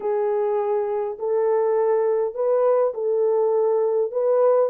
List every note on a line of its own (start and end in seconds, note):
0.00 1.17 G#4
1.18 2.34 A4
2.34 2.93 B4
2.94 4.11 A4
4.11 4.70 B4